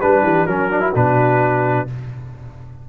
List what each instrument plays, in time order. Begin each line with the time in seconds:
0.00 tuba G3, trombone D4, horn B4, trumpet B4
0.23 tuba E3, horn G4
0.47 tuba F#3, trombone C#4, horn F#4, trumpet A#4
0.71 trombone D4
0.80 trombone E4
0.95 tuba B2, trombone D4, trumpet B4